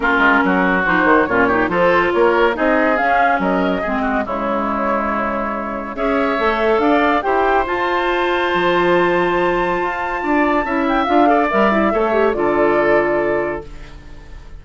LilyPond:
<<
  \new Staff \with { instrumentName = "flute" } { \time 4/4 \tempo 4 = 141 ais'2 c''4 cis''4 | c''4 cis''4 dis''4 f''4 | dis''2 cis''2~ | cis''2 e''2 |
f''4 g''4 a''2~ | a''1~ | a''4. g''8 f''4 e''4~ | e''4 d''2. | }
  \new Staff \with { instrumentName = "oboe" } { \time 4/4 f'4 fis'2 f'8 g'8 | a'4 ais'4 gis'2 | ais'4 gis'8 fis'8 e'2~ | e'2 cis''2 |
d''4 c''2.~ | c''1 | d''4 e''4. d''4. | cis''4 a'2. | }
  \new Staff \with { instrumentName = "clarinet" } { \time 4/4 cis'2 dis'4 cis'8 dis'8 | f'2 dis'4 cis'4~ | cis'4 c'4 gis2~ | gis2 gis'4 a'4~ |
a'4 g'4 f'2~ | f'1~ | f'4 e'4 f'8 a'8 ais'8 e'8 | a'8 g'8 f'2. | }
  \new Staff \with { instrumentName = "bassoon" } { \time 4/4 ais8 gis8 fis4 f8 dis8 ais,4 | f4 ais4 c'4 cis'4 | fis4 gis4 cis2~ | cis2 cis'4 a4 |
d'4 e'4 f'2 | f2. f'4 | d'4 cis'4 d'4 g4 | a4 d2. | }
>>